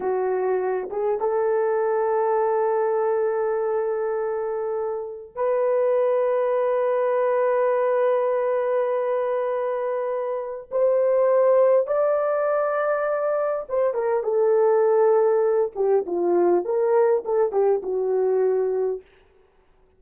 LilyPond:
\new Staff \with { instrumentName = "horn" } { \time 4/4 \tempo 4 = 101 fis'4. gis'8 a'2~ | a'1~ | a'4 b'2.~ | b'1~ |
b'2 c''2 | d''2. c''8 ais'8 | a'2~ a'8 g'8 f'4 | ais'4 a'8 g'8 fis'2 | }